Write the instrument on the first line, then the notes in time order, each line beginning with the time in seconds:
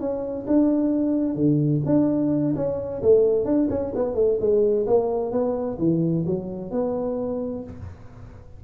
tuba
0.00 C#4
0.47 D4
1.35 D3
1.85 D4
2.56 C#4
3.03 A3
3.45 D4
3.70 C#4
3.95 B3
4.15 A3
4.40 G#3
4.87 A#3
5.32 B3
5.79 E3
6.26 F#3
6.71 B3